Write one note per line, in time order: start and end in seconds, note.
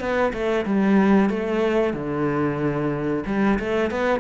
0.00 0.33 B3
0.33 0.65 A3
0.65 1.30 G3
1.30 1.94 A3
1.94 3.24 D3
3.26 3.59 G3
3.59 3.91 A3
3.91 4.20 B3